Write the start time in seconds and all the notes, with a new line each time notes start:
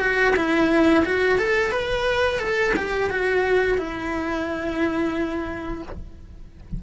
0.00 F#4
0.36 E4
1.05 F#4
1.38 A4
1.71 B4
2.39 A4
2.76 G4
3.10 F#4
3.77 E4